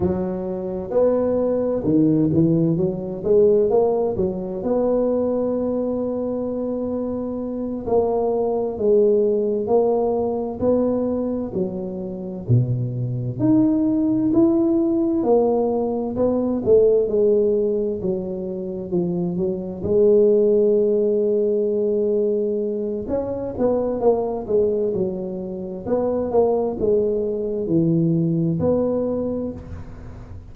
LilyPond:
\new Staff \with { instrumentName = "tuba" } { \time 4/4 \tempo 4 = 65 fis4 b4 dis8 e8 fis8 gis8 | ais8 fis8 b2.~ | b8 ais4 gis4 ais4 b8~ | b8 fis4 b,4 dis'4 e'8~ |
e'8 ais4 b8 a8 gis4 fis8~ | fis8 f8 fis8 gis2~ gis8~ | gis4 cis'8 b8 ais8 gis8 fis4 | b8 ais8 gis4 e4 b4 | }